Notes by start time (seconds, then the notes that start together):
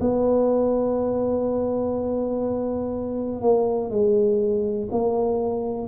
0.00 B3
3.41 A#3
3.90 G#3
4.91 A#3